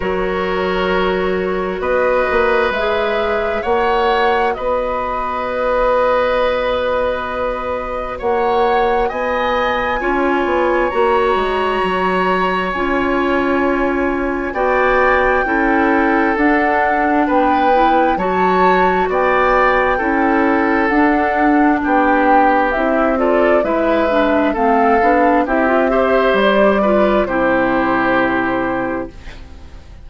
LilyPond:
<<
  \new Staff \with { instrumentName = "flute" } { \time 4/4 \tempo 4 = 66 cis''2 dis''4 e''4 | fis''4 dis''2.~ | dis''4 fis''4 gis''2 | ais''2 gis''2 |
g''2 fis''4 g''4 | a''4 g''2 fis''4 | g''4 e''8 d''8 e''4 f''4 | e''4 d''4 c''2 | }
  \new Staff \with { instrumentName = "oboe" } { \time 4/4 ais'2 b'2 | cis''4 b'2.~ | b'4 cis''4 dis''4 cis''4~ | cis''1 |
d''4 a'2 b'4 | cis''4 d''4 a'2 | g'4. a'8 b'4 a'4 | g'8 c''4 b'8 g'2 | }
  \new Staff \with { instrumentName = "clarinet" } { \time 4/4 fis'2. gis'4 | fis'1~ | fis'2. f'4 | fis'2 f'2 |
fis'4 e'4 d'4. e'8 | fis'2 e'4 d'4~ | d'4 e'8 f'8 e'8 d'8 c'8 d'8 | e'16 f'16 g'4 f'8 e'2 | }
  \new Staff \with { instrumentName = "bassoon" } { \time 4/4 fis2 b8 ais8 gis4 | ais4 b2.~ | b4 ais4 b4 cis'8 b8 | ais8 gis8 fis4 cis'2 |
b4 cis'4 d'4 b4 | fis4 b4 cis'4 d'4 | b4 c'4 gis4 a8 b8 | c'4 g4 c2 | }
>>